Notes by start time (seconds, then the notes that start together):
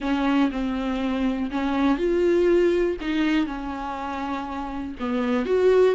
0.00 C#4
0.51 C4
1.51 C#4
1.97 F4
3.00 D#4
3.46 C#4
4.99 B3
5.45 F#4